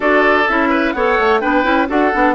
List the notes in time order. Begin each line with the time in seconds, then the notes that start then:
0.00 D4 F#4 A4 D5
0.48 C#4 E4 E5
0.69 B4
0.92 B3 A4 C#5 F#5
1.19 A3
1.40 B3 D4 B4 G5
1.63 C#4 E4
1.88 D4 F#4 A4 F#5
2.12 B3 D4